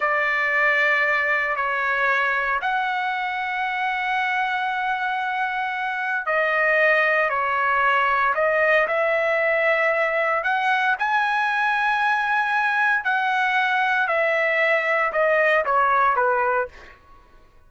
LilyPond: \new Staff \with { instrumentName = "trumpet" } { \time 4/4 \tempo 4 = 115 d''2. cis''4~ | cis''4 fis''2.~ | fis''1 | dis''2 cis''2 |
dis''4 e''2. | fis''4 gis''2.~ | gis''4 fis''2 e''4~ | e''4 dis''4 cis''4 b'4 | }